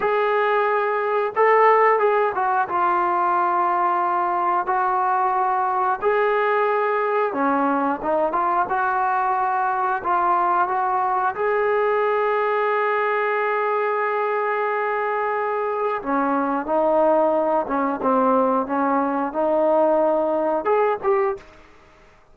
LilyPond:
\new Staff \with { instrumentName = "trombone" } { \time 4/4 \tempo 4 = 90 gis'2 a'4 gis'8 fis'8 | f'2. fis'4~ | fis'4 gis'2 cis'4 | dis'8 f'8 fis'2 f'4 |
fis'4 gis'2.~ | gis'1 | cis'4 dis'4. cis'8 c'4 | cis'4 dis'2 gis'8 g'8 | }